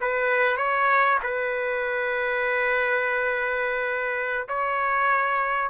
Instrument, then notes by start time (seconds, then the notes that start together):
trumpet
0.00 B4
0.57 C#5
1.23 B4
4.48 C#5